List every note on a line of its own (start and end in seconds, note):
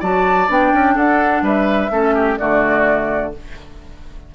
0.00 0.49 F#3
0.00 0.48 F#4
0.00 0.94 D5
0.00 0.51 A5
0.48 0.72 B3
0.48 1.90 D4
0.48 0.97 G5
0.74 0.96 C#4
0.95 1.42 D4
0.95 1.43 A4
0.95 1.45 F#5
1.42 1.90 G3
1.42 1.91 B4
1.42 2.38 E5
1.91 2.38 A3
1.91 2.38 C#4
1.91 2.15 A4
2.15 2.38 G4
2.38 3.35 D3
2.38 3.32 A3
2.38 3.34 F#4
2.38 3.33 D5